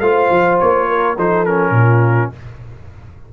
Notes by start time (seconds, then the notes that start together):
0.00 A3 F4 C5 F5
0.30 F3
0.60 A#3 C#5
0.88 A#4
1.15 F3 D#4 A4 C5
1.45 C#4 A#4
1.70 A#2 F4